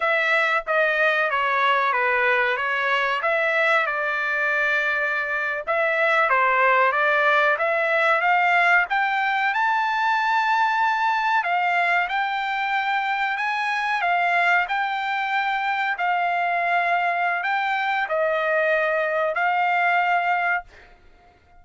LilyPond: \new Staff \with { instrumentName = "trumpet" } { \time 4/4 \tempo 4 = 93 e''4 dis''4 cis''4 b'4 | cis''4 e''4 d''2~ | d''8. e''4 c''4 d''4 e''16~ | e''8. f''4 g''4 a''4~ a''16~ |
a''4.~ a''16 f''4 g''4~ g''16~ | g''8. gis''4 f''4 g''4~ g''16~ | g''8. f''2~ f''16 g''4 | dis''2 f''2 | }